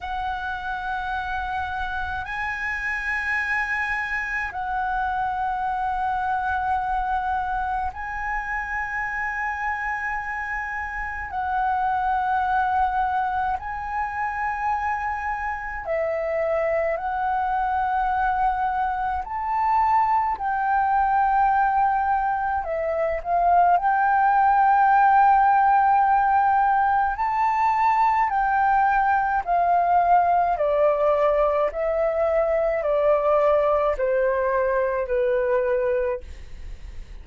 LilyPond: \new Staff \with { instrumentName = "flute" } { \time 4/4 \tempo 4 = 53 fis''2 gis''2 | fis''2. gis''4~ | gis''2 fis''2 | gis''2 e''4 fis''4~ |
fis''4 a''4 g''2 | e''8 f''8 g''2. | a''4 g''4 f''4 d''4 | e''4 d''4 c''4 b'4 | }